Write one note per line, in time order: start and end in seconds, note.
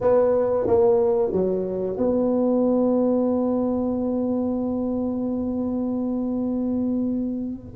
0.00 0.66 B3
0.66 1.32 A#3
1.32 1.97 F#3
1.97 7.74 B3